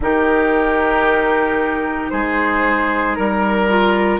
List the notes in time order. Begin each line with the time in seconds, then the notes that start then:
0.00 D#3 D#4 G4 A#4
2.10 G#3 G#4 C5
3.15 G3 A#4
3.69 F4